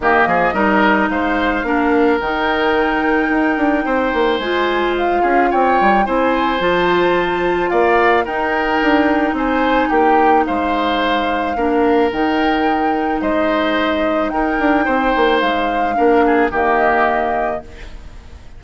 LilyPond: <<
  \new Staff \with { instrumentName = "flute" } { \time 4/4 \tempo 4 = 109 dis''2 f''2 | g''1 | gis''4 f''4 g''4 gis''4 | a''2 f''4 g''4~ |
g''4 gis''4 g''4 f''4~ | f''2 g''2 | dis''2 g''2 | f''2 dis''2 | }
  \new Staff \with { instrumentName = "oboe" } { \time 4/4 g'8 gis'8 ais'4 c''4 ais'4~ | ais'2. c''4~ | c''4. gis'8 cis''4 c''4~ | c''2 d''4 ais'4~ |
ais'4 c''4 g'4 c''4~ | c''4 ais'2. | c''2 ais'4 c''4~ | c''4 ais'8 gis'8 g'2 | }
  \new Staff \with { instrumentName = "clarinet" } { \time 4/4 ais4 dis'2 d'4 | dis'1 | f'2. e'4 | f'2. dis'4~ |
dis'1~ | dis'4 d'4 dis'2~ | dis'1~ | dis'4 d'4 ais2 | }
  \new Staff \with { instrumentName = "bassoon" } { \time 4/4 dis8 f8 g4 gis4 ais4 | dis2 dis'8 d'8 c'8 ais8 | gis4. cis'8 c'8 g8 c'4 | f2 ais4 dis'4 |
d'4 c'4 ais4 gis4~ | gis4 ais4 dis2 | gis2 dis'8 d'8 c'8 ais8 | gis4 ais4 dis2 | }
>>